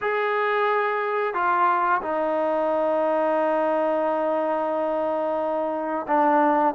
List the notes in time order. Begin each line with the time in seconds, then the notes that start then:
0.01 G#4
1.34 F4
2.02 D#4
6.07 D4